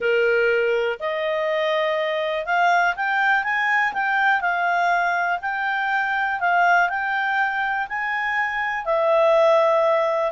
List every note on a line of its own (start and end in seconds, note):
0.00 0.99 A#4
0.99 2.45 D#5
2.45 2.94 F5
2.96 3.43 G5
3.43 3.92 G#5
3.93 4.40 G5
4.40 5.39 F5
5.41 6.40 G5
6.40 6.89 F5
6.89 7.87 G5
7.88 8.85 G#5
8.85 10.31 E5